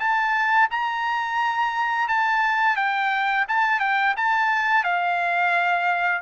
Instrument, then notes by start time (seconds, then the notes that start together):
trumpet
0.00 A5
0.71 A#5
2.08 A5
2.76 G5
3.48 A5
3.80 G5
4.17 A5
4.84 F5